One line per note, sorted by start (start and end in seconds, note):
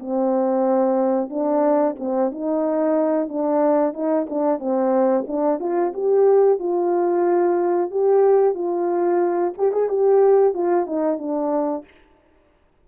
0.00 1.30 C4
1.30 1.96 D4
2.00 2.32 C4
2.32 3.29 D#4
3.29 3.94 D4
3.94 4.27 D#4
4.30 4.60 D4
4.60 5.26 C4
5.27 5.60 D4
5.60 5.93 F4
5.94 6.60 G4
6.60 7.92 F4
7.92 8.55 G4
8.55 9.54 F4
9.58 9.73 G4
9.73 9.89 G#4
9.89 10.55 G4
10.55 10.87 F4
10.87 11.19 D#4
11.19 11.85 D4